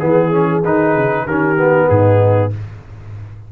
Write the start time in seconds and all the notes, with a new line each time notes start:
0.00 E3 B3 G#4
0.32 C#4
0.65 D#3 D#4 B4
0.96 C#3
1.26 D#3 C#4 G4 A#4
1.57 B3
1.87 G#2 D#4 G#4